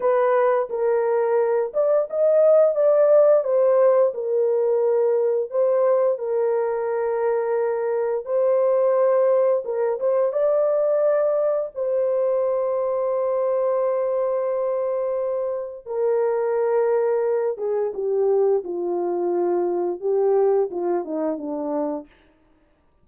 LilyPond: \new Staff \with { instrumentName = "horn" } { \time 4/4 \tempo 4 = 87 b'4 ais'4. d''8 dis''4 | d''4 c''4 ais'2 | c''4 ais'2. | c''2 ais'8 c''8 d''4~ |
d''4 c''2.~ | c''2. ais'4~ | ais'4. gis'8 g'4 f'4~ | f'4 g'4 f'8 dis'8 d'4 | }